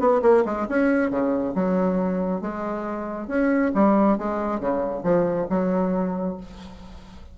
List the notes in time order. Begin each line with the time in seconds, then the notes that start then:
0.00 B3
0.22 A#3
0.46 G#3
0.69 C#4
1.11 C#3
1.55 F#3
2.41 G#3
3.28 C#4
3.75 G3
4.18 G#3
4.60 C#3
5.04 F3
5.50 F#3